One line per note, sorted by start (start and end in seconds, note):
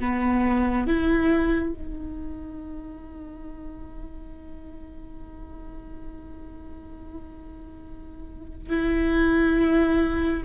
0.00 0.87 B3
0.87 1.74 E4
1.74 8.69 D#4
8.70 10.43 E4